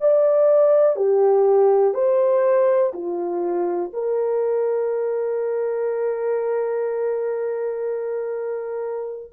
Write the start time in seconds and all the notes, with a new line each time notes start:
0.00 D5
0.96 G4
1.94 C5
2.93 F4
3.93 A#4